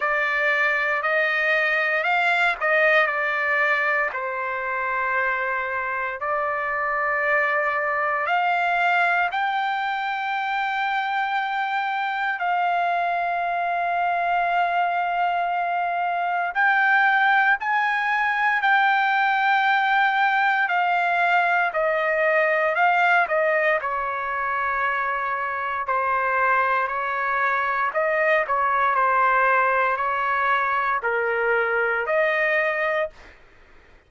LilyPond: \new Staff \with { instrumentName = "trumpet" } { \time 4/4 \tempo 4 = 58 d''4 dis''4 f''8 dis''8 d''4 | c''2 d''2 | f''4 g''2. | f''1 |
g''4 gis''4 g''2 | f''4 dis''4 f''8 dis''8 cis''4~ | cis''4 c''4 cis''4 dis''8 cis''8 | c''4 cis''4 ais'4 dis''4 | }